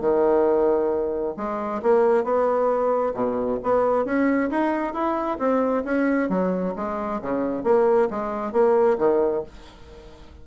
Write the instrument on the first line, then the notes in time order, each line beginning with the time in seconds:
bassoon
0.00 D#3
1.37 G#3
1.82 A#3
2.23 B3
3.14 B2
3.63 B3
4.05 C#4
4.50 D#4
4.93 E4
5.39 C4
5.84 C#4
6.29 F#3
6.76 G#3
7.21 C#3
7.63 A#3
8.10 G#3
8.52 A#3
8.98 D#3